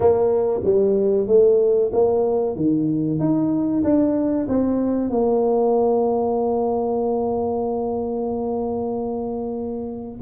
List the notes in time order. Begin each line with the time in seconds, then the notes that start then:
0.00 A#3
0.64 G3
1.27 A3
1.92 A#3
2.56 D#3
3.19 D#4
3.83 D4
4.48 C4
5.09 A#3